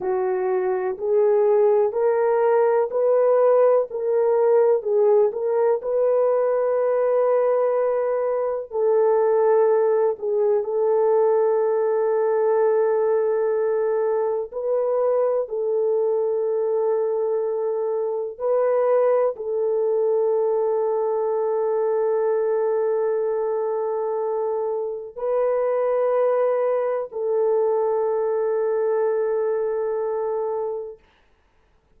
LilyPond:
\new Staff \with { instrumentName = "horn" } { \time 4/4 \tempo 4 = 62 fis'4 gis'4 ais'4 b'4 | ais'4 gis'8 ais'8 b'2~ | b'4 a'4. gis'8 a'4~ | a'2. b'4 |
a'2. b'4 | a'1~ | a'2 b'2 | a'1 | }